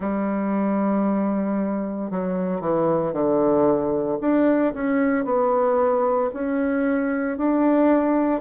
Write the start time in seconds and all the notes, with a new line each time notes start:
0.00 G3
2.11 F#3
2.60 E3
3.12 D3
4.21 D4
4.74 C#4
5.24 B3
6.33 C#4
7.37 D4